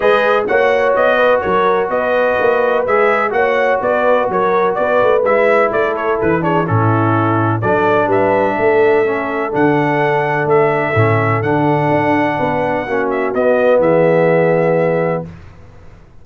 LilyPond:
<<
  \new Staff \with { instrumentName = "trumpet" } { \time 4/4 \tempo 4 = 126 dis''4 fis''4 dis''4 cis''4 | dis''2 e''4 fis''4 | d''4 cis''4 d''4 e''4 | d''8 cis''8 b'8 cis''8 a'2 |
d''4 e''2. | fis''2 e''2 | fis''2.~ fis''8 e''8 | dis''4 e''2. | }
  \new Staff \with { instrumentName = "horn" } { \time 4/4 b'4 cis''4. b'8 ais'4 | b'2. cis''4 | b'4 ais'4 b'2 | a'4. gis'8 e'2 |
a'4 b'4 a'2~ | a'1~ | a'2 b'4 fis'4~ | fis'4 gis'2. | }
  \new Staff \with { instrumentName = "trombone" } { \time 4/4 gis'4 fis'2.~ | fis'2 gis'4 fis'4~ | fis'2. e'4~ | e'4. d'8 cis'2 |
d'2. cis'4 | d'2. cis'4 | d'2. cis'4 | b1 | }
  \new Staff \with { instrumentName = "tuba" } { \time 4/4 gis4 ais4 b4 fis4 | b4 ais4 gis4 ais4 | b4 fis4 b8 a8 gis4 | a4 e4 a,2 |
fis4 g4 a2 | d2 a4 a,4 | d4 d'4 b4 ais4 | b4 e2. | }
>>